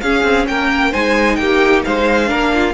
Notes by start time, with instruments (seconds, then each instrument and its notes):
0.00 cello C#4, viola C#4, violin G#4 F5
0.23 cello C4
0.47 cello A#3, violin A#4 G5
0.91 cello G#3, viola D#4, violin C5 G#5
1.35 cello A#3, violin G4 G5
1.84 cello G#3, violin C5 F5
2.26 cello A#3, viola D4, violin A#4
2.54 violin F4